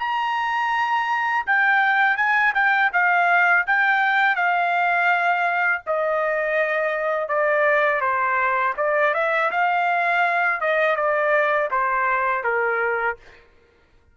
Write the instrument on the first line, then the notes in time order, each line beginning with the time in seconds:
trumpet
0.00 A#5
1.47 G5
2.17 G#5
2.55 G5
2.93 F5
3.67 G5
4.36 F5
5.87 D#5
7.29 D5
8.01 C5
8.78 D5
9.15 E5
9.52 F5
10.61 D#5
10.97 D5
11.71 C5
12.44 A#4